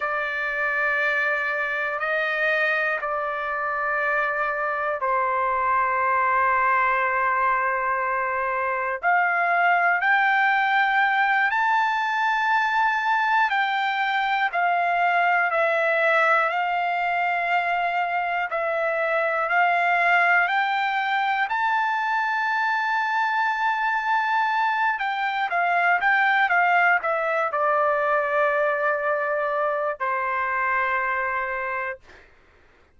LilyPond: \new Staff \with { instrumentName = "trumpet" } { \time 4/4 \tempo 4 = 60 d''2 dis''4 d''4~ | d''4 c''2.~ | c''4 f''4 g''4. a''8~ | a''4. g''4 f''4 e''8~ |
e''8 f''2 e''4 f''8~ | f''8 g''4 a''2~ a''8~ | a''4 g''8 f''8 g''8 f''8 e''8 d''8~ | d''2 c''2 | }